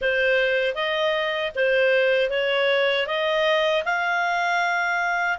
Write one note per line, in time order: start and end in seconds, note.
0.01 0.74 C5
0.74 1.51 D#5
1.55 2.29 C5
2.29 3.06 C#5
3.06 3.83 D#5
3.84 5.38 F5